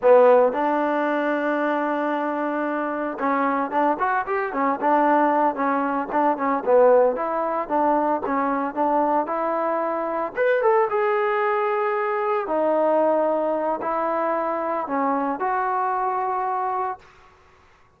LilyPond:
\new Staff \with { instrumentName = "trombone" } { \time 4/4 \tempo 4 = 113 b4 d'2.~ | d'2 cis'4 d'8 fis'8 | g'8 cis'8 d'4. cis'4 d'8 | cis'8 b4 e'4 d'4 cis'8~ |
cis'8 d'4 e'2 b'8 | a'8 gis'2. dis'8~ | dis'2 e'2 | cis'4 fis'2. | }